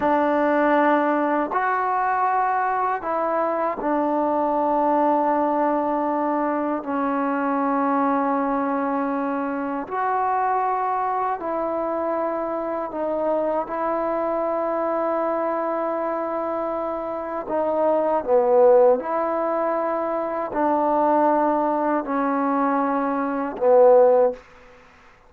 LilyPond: \new Staff \with { instrumentName = "trombone" } { \time 4/4 \tempo 4 = 79 d'2 fis'2 | e'4 d'2.~ | d'4 cis'2.~ | cis'4 fis'2 e'4~ |
e'4 dis'4 e'2~ | e'2. dis'4 | b4 e'2 d'4~ | d'4 cis'2 b4 | }